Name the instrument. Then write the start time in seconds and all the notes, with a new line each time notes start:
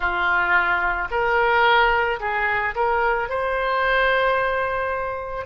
oboe
0.00 F4
1.10 A#4
2.20 G#4
2.75 A#4
3.29 C5